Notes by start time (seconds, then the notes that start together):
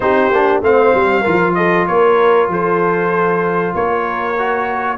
0.00 C4 D#4 G4 C5
0.31 A#3 D4
0.61 A3 C4 C5 F5
0.93 G3
1.20 F3 F4 A#4
1.54 A4 D#5
1.87 A#3 A#4 C#5
2.48 F3 A4 C5
3.74 A#3 A#4 C#5
4.38 F#4